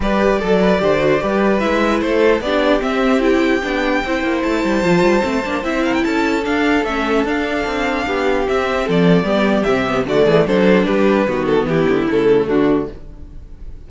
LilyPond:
<<
  \new Staff \with { instrumentName = "violin" } { \time 4/4 \tempo 4 = 149 d''1 | e''4 c''4 d''4 e''4 | g''2. a''4~ | a''2 e''8 f''16 g''16 a''4 |
f''4 e''4 f''2~ | f''4 e''4 d''2 | e''4 d''4 c''4 b'4~ | b'8 a'8 g'4 a'4 fis'4 | }
  \new Staff \with { instrumentName = "violin" } { \time 4/4 b'4 a'8 b'8 c''4 b'4~ | b'4 a'4 g'2~ | g'2 c''2~ | c''2~ c''8 ais'8 a'4~ |
a'1 | g'2 a'4 g'4~ | g'4 fis'8 gis'8 a'4 g'4 | fis'4 e'2 d'4 | }
  \new Staff \with { instrumentName = "viola" } { \time 4/4 g'4 a'4 g'8 fis'8 g'4 | e'2 d'4 c'4 | e'4 d'4 e'2 | f'4 c'8 d'8 e'2 |
d'4 cis'4 d'2~ | d'4 c'2 b4 | c'8 b8 a4 d'2 | b2 a2 | }
  \new Staff \with { instrumentName = "cello" } { \time 4/4 g4 fis4 d4 g4 | gis4 a4 b4 c'4~ | c'4 b4 c'8 ais8 a8 g8 | f8 g8 a8 ais8 c'4 cis'4 |
d'4 a4 d'4 c'4 | b4 c'4 f4 g4 | c4 d8 e8 fis4 g4 | dis4 e8 d8 cis4 d4 | }
>>